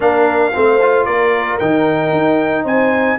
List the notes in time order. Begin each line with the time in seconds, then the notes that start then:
0.00 A#3 D4 A#4 F5
0.53 A3 C4 C5
0.81 F4
1.05 A#3 A#4 D5
1.58 D#3 D#4 G5
2.12 D#4
2.64 C4 C5 G#5